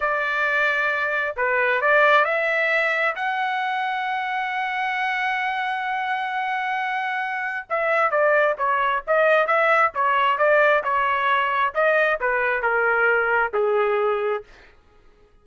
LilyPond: \new Staff \with { instrumentName = "trumpet" } { \time 4/4 \tempo 4 = 133 d''2. b'4 | d''4 e''2 fis''4~ | fis''1~ | fis''1~ |
fis''4 e''4 d''4 cis''4 | dis''4 e''4 cis''4 d''4 | cis''2 dis''4 b'4 | ais'2 gis'2 | }